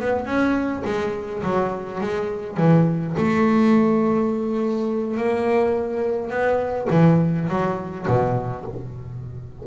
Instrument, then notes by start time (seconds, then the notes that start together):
double bass
0.00 B3
0.26 C#4
0.85 G#3
1.43 F#3
2.01 G#3
2.57 E3
3.17 A3
5.17 A#3
6.30 B3
6.90 E3
7.49 F#3
8.08 B2